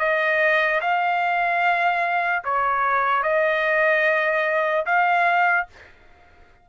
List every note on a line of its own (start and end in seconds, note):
0.00 0.81 D#5
0.81 2.43 F5
2.44 3.23 C#5
3.23 4.85 D#5
4.86 5.67 F5